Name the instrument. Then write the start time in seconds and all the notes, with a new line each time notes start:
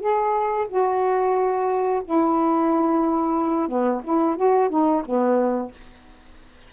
saxophone
0.00 G#4
0.68 F#4
2.04 E4
3.68 B3
4.04 E4
4.36 F#4
4.69 D#4
5.05 B3